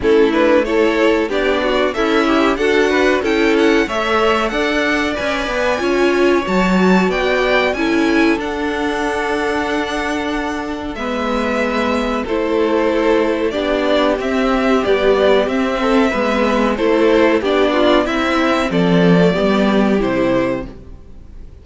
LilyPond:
<<
  \new Staff \with { instrumentName = "violin" } { \time 4/4 \tempo 4 = 93 a'8 b'8 cis''4 d''4 e''4 | fis''4 g''8 fis''8 e''4 fis''4 | gis''2 a''4 g''4 | gis''4 fis''2.~ |
fis''4 e''2 c''4~ | c''4 d''4 e''4 d''4 | e''2 c''4 d''4 | e''4 d''2 c''4 | }
  \new Staff \with { instrumentName = "violin" } { \time 4/4 e'4 a'4 g'8 fis'8 e'4 | a'8 b'8 a'4 cis''4 d''4~ | d''4 cis''2 d''4 | a'1~ |
a'4 b'2 a'4~ | a'4 g'2.~ | g'8 a'8 b'4 a'4 g'8 f'8 | e'4 a'4 g'2 | }
  \new Staff \with { instrumentName = "viola" } { \time 4/4 cis'8 d'8 e'4 d'4 a'8 g'8 | fis'4 e'4 a'2 | b'4 f'4 fis'2 | e'4 d'2.~ |
d'4 b2 e'4~ | e'4 d'4 c'4 g4 | c'4 b4 e'4 d'4 | c'4.~ c'16 a16 b4 e'4 | }
  \new Staff \with { instrumentName = "cello" } { \time 4/4 a2 b4 cis'4 | d'4 cis'4 a4 d'4 | cis'8 b8 cis'4 fis4 b4 | cis'4 d'2.~ |
d'4 gis2 a4~ | a4 b4 c'4 b4 | c'4 gis4 a4 b4 | c'4 f4 g4 c4 | }
>>